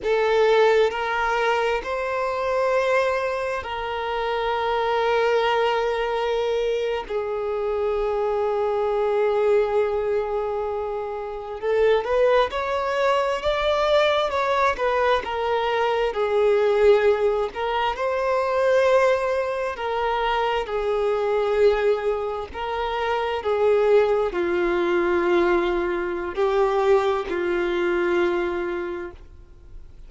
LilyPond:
\new Staff \with { instrumentName = "violin" } { \time 4/4 \tempo 4 = 66 a'4 ais'4 c''2 | ais'2.~ ais'8. gis'16~ | gis'1~ | gis'8. a'8 b'8 cis''4 d''4 cis''16~ |
cis''16 b'8 ais'4 gis'4. ais'8 c''16~ | c''4.~ c''16 ais'4 gis'4~ gis'16~ | gis'8. ais'4 gis'4 f'4~ f'16~ | f'4 g'4 f'2 | }